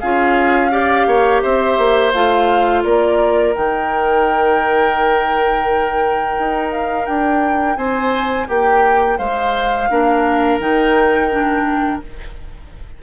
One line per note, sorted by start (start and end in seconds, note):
0.00 1.07 C#4
0.00 0.71 F4
0.00 0.71 G#4
0.00 1.41 F5
0.71 2.12 G4
0.71 1.07 D5
1.07 1.42 A#3
1.07 1.43 C#5
1.41 1.78 C4
1.41 2.84 C5
1.41 2.12 E5
1.78 2.13 A#3
2.13 2.84 A3
2.13 3.54 F4
2.13 2.83 F5
2.84 3.55 A#3
2.84 7.78 A#4
2.84 3.54 D5
3.54 6.38 D#3
3.54 9.89 D#4
3.54 6.71 G5
6.38 7.08 D#4
6.71 7.06 F5
7.06 7.76 D4
7.06 7.76 G5
7.76 8.47 C4
7.76 8.48 C5
7.76 8.47 G#5
8.48 9.19 A#3
8.48 9.18 G4
8.48 9.18 G5
9.18 9.90 G#3
9.18 9.89 C5
9.18 10.60 F5
9.90 10.60 A#3
9.90 10.61 D4
9.90 12.03 A#4
10.60 12.01 D#3
10.60 11.31 D#4
10.60 12.02 G5
11.31 12.02 D4